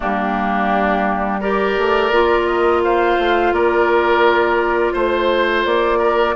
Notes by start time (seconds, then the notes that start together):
0.00 G3 A#3 D4 G4
1.40 G4 A#4 D5
1.77 A3
2.11 A#3 F4
2.46 D#5
2.83 C5 F5
3.18 A3
3.52 A#3 A#4 D5
4.93 A3 C5
5.65 A#3 D5
5.98 A#4